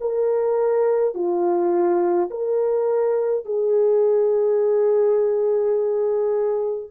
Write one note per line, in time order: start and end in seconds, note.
0.00 1.14 A#4
1.14 2.29 F4
2.30 3.45 A#4
3.45 6.90 G#4